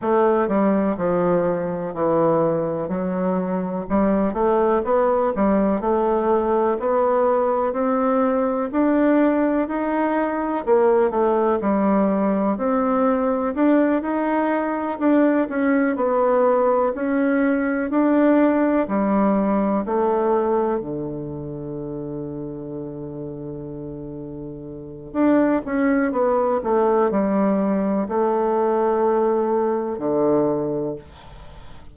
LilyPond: \new Staff \with { instrumentName = "bassoon" } { \time 4/4 \tempo 4 = 62 a8 g8 f4 e4 fis4 | g8 a8 b8 g8 a4 b4 | c'4 d'4 dis'4 ais8 a8 | g4 c'4 d'8 dis'4 d'8 |
cis'8 b4 cis'4 d'4 g8~ | g8 a4 d2~ d8~ | d2 d'8 cis'8 b8 a8 | g4 a2 d4 | }